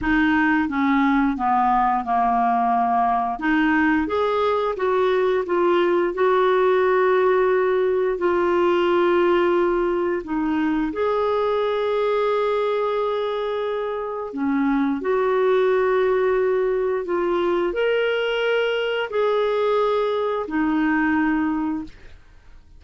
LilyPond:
\new Staff \with { instrumentName = "clarinet" } { \time 4/4 \tempo 4 = 88 dis'4 cis'4 b4 ais4~ | ais4 dis'4 gis'4 fis'4 | f'4 fis'2. | f'2. dis'4 |
gis'1~ | gis'4 cis'4 fis'2~ | fis'4 f'4 ais'2 | gis'2 dis'2 | }